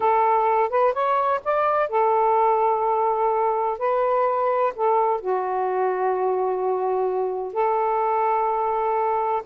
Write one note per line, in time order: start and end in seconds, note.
0.00 0.69 A4
0.69 0.93 B4
0.93 1.40 C#5
1.44 1.89 D5
1.89 3.78 A4
3.78 4.73 B4
4.75 5.21 A4
5.21 7.53 F#4
7.53 9.42 A4